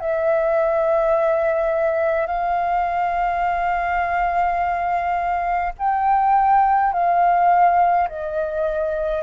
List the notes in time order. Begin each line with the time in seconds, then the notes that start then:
0.00 E5
2.27 F5
5.78 G5
6.93 F5
8.08 D#5